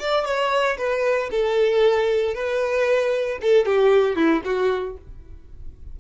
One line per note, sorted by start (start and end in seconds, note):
0.00 0.26 D5
0.26 0.78 C#5
0.78 1.30 B4
1.32 2.35 A4
2.35 3.39 B4
3.42 3.66 A4
3.66 4.16 G4
4.16 4.42 E4
4.45 4.97 F#4